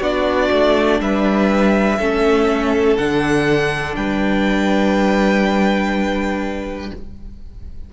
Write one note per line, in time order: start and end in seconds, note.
0.00 0.49 B3
0.00 1.98 D4
0.00 0.99 F#4
0.00 1.01 D5
0.51 1.00 A3
1.00 1.98 G3
1.00 1.98 B4
1.00 2.97 E5
1.98 2.97 A3
1.98 2.99 C#4
1.98 3.95 A4
2.97 3.96 D3
2.97 6.93 D4
2.97 3.95 F#5
3.96 6.91 G3
3.96 6.91 B4
3.96 6.91 G5